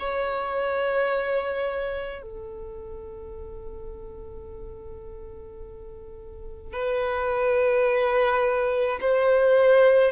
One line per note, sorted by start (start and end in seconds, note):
0.00 2.22 C#5
2.22 6.73 A4
6.73 8.99 B4
9.01 10.12 C5